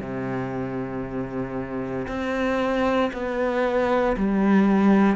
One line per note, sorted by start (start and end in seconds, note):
0.00 2.07 C3
2.07 3.11 C4
3.13 4.16 B3
4.17 5.16 G3